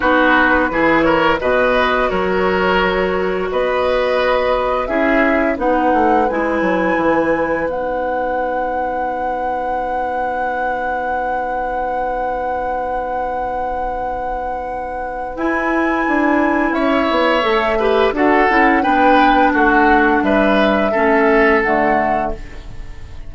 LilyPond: <<
  \new Staff \with { instrumentName = "flute" } { \time 4/4 \tempo 4 = 86 b'4. cis''8 dis''4 cis''4~ | cis''4 dis''2 e''4 | fis''4 gis''2 fis''4~ | fis''1~ |
fis''1~ | fis''2 gis''2 | e''2 fis''4 g''4 | fis''4 e''2 fis''4 | }
  \new Staff \with { instrumentName = "oboe" } { \time 4/4 fis'4 gis'8 ais'8 b'4 ais'4~ | ais'4 b'2 gis'4 | b'1~ | b'1~ |
b'1~ | b'1 | cis''4. b'8 a'4 b'4 | fis'4 b'4 a'2 | }
  \new Staff \with { instrumentName = "clarinet" } { \time 4/4 dis'4 e'4 fis'2~ | fis'2. e'4 | dis'4 e'2 dis'4~ | dis'1~ |
dis'1~ | dis'2 e'2~ | e'4 a'8 g'8 fis'8 e'8 d'4~ | d'2 cis'4 a4 | }
  \new Staff \with { instrumentName = "bassoon" } { \time 4/4 b4 e4 b,4 fis4~ | fis4 b2 cis'4 | b8 a8 gis8 fis8 e4 b4~ | b1~ |
b1~ | b2 e'4 d'4 | cis'8 b8 a4 d'8 cis'8 b4 | a4 g4 a4 d4 | }
>>